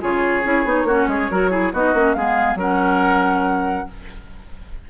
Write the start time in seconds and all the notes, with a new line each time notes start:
0.00 C#3 F4 G#4 C#5
0.44 C#4 E4
0.64 B3 D#4
0.84 A#3 C#4 F#4
1.07 G#3 G#4
1.30 F#3 F#4 A#4
1.50 E4 G#4
1.73 B3 D#4 F#4 D#5
1.94 A#3 C#4
2.13 G#3 B3 G#4 F5
2.55 F#3 C#4 A#4 F#5